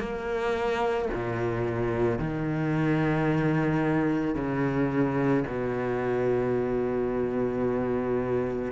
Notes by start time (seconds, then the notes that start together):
0.00 A#3
1.14 A#2
2.19 D#3
4.35 C#3
5.47 B2